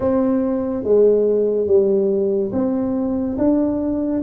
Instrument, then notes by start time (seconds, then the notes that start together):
tuba
0.00 C4
0.83 G#3
1.67 G3
2.52 C4
3.38 D4